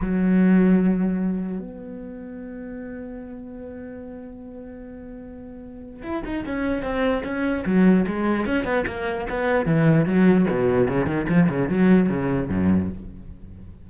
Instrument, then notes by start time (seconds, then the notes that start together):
cello
0.01 F#3
1.59 B3
6.02 E4
6.24 D#4
6.45 C#4
6.82 C4
7.23 C#4
7.65 F#3
8.06 G#3
8.46 C#4
8.64 B3
8.86 A#3
9.29 B3
9.65 E3
10.05 F#3
10.50 B2
10.88 C#3
11.06 D#3
11.28 F3
11.49 C#3
11.69 F#3
12.09 C#3
12.49 F#2